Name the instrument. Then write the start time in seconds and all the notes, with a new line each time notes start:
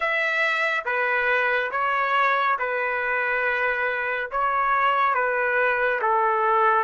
trumpet
0.00 E5
0.85 B4
1.71 C#5
2.58 B4
4.31 C#5
5.14 B4
6.01 A4